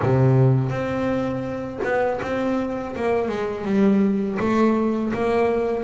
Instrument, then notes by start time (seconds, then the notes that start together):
double bass
0.02 C3
0.70 C4
1.83 B3
2.22 C4
2.95 A#3
3.28 G#3
3.65 G3
4.39 A3
5.13 A#3